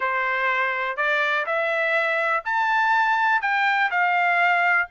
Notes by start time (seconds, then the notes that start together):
0.00 C5
0.96 D5
1.45 E5
2.45 A5
3.41 G5
3.90 F5